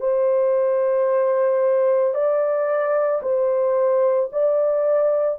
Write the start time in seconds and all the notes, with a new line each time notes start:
0.00 C5
2.14 D5
3.22 C5
4.32 D5